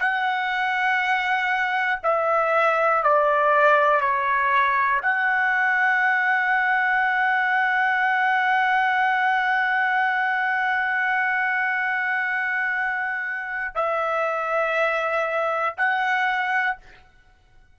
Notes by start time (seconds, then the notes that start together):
0.00 F#5
2.04 E5
3.04 D5
4.01 C#5
5.03 F#5
13.76 E5
15.77 F#5